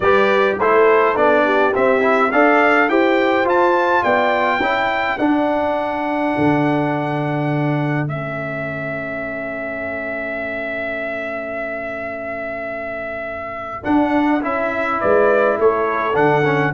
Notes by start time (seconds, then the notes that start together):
0.00 G3 G4 B4 D5
0.59 A3 E4 A4 C5
1.15 B3 D4 D5
1.44 G4
1.73 C4 E5
2.00 E4
2.31 D4 A4 D5 F5
2.89 E4 G4 C5 G5
3.44 F4 A5
4.03 B3 D5 G5
4.59 C#4 E4 A4
5.18 D4 F#5
6.37 D3
8.07 A3 C#4 E5
13.83 D4 F#5
14.41 C#4 E4 E5
15.00 G#3 B4 D5
15.58 A3 A4 C#5
16.13 D3 D4 F#5
16.44 C#4